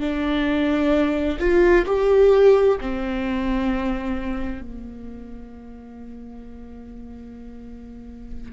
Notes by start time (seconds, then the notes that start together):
0.00 D4
1.39 F4
1.85 G4
2.80 C4
4.61 A#3